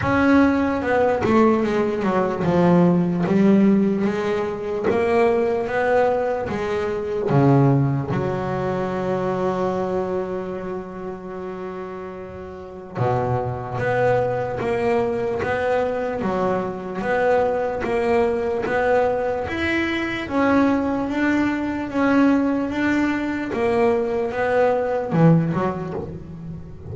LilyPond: \new Staff \with { instrumentName = "double bass" } { \time 4/4 \tempo 4 = 74 cis'4 b8 a8 gis8 fis8 f4 | g4 gis4 ais4 b4 | gis4 cis4 fis2~ | fis1 |
b,4 b4 ais4 b4 | fis4 b4 ais4 b4 | e'4 cis'4 d'4 cis'4 | d'4 ais4 b4 e8 fis8 | }